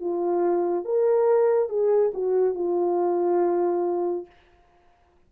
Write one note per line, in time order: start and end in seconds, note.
0.00 0.85 F4
0.85 1.69 A#4
1.69 2.12 G#4
2.14 2.55 F#4
2.55 4.26 F4